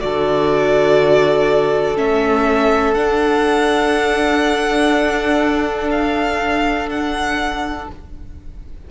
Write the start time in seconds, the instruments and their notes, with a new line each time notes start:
0.00 cello D3, viola F#4, violin A4 D5
1.95 cello A3, viola C#4, violin E5
2.94 cello D4, viola D4, violin F#5
5.91 violin F5
6.90 violin F#5